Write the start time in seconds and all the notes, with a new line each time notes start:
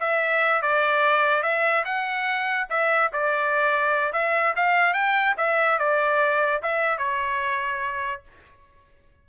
0.00 E5
0.62 D5
1.43 E5
1.85 F#5
2.69 E5
3.13 D5
4.13 E5
4.56 F5
4.94 G5
5.37 E5
5.79 D5
6.62 E5
6.98 C#5